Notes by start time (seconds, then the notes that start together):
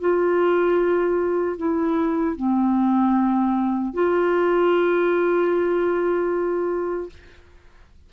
0.00 F4
1.57 E4
2.36 C4
3.93 F4